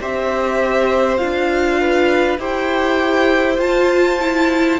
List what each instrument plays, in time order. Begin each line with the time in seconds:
0.00 cello C4, viola G4, violin C5 E5
1.17 cello D4, viola F4, violin F5
1.80 violin B4
2.38 cello E4, viola G4, violin C5 G5
3.58 cello F4, viola F4, violin A5
4.21 viola E4